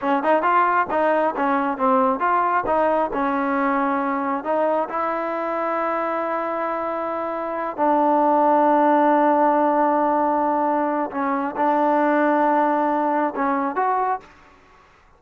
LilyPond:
\new Staff \with { instrumentName = "trombone" } { \time 4/4 \tempo 4 = 135 cis'8 dis'8 f'4 dis'4 cis'4 | c'4 f'4 dis'4 cis'4~ | cis'2 dis'4 e'4~ | e'1~ |
e'4. d'2~ d'8~ | d'1~ | d'4 cis'4 d'2~ | d'2 cis'4 fis'4 | }